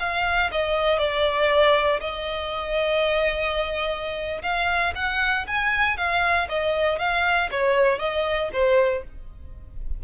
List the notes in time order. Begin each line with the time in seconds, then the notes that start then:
0.00 F5
0.52 D#5
0.99 D5
2.01 D#5
4.43 F5
4.96 F#5
5.48 G#5
5.97 F5
6.49 D#5
6.99 F5
7.51 C#5
7.99 D#5
8.53 C5